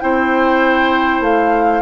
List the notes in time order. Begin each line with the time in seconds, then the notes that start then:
0.00 C4 E4 C5 G5
1.21 A3 F5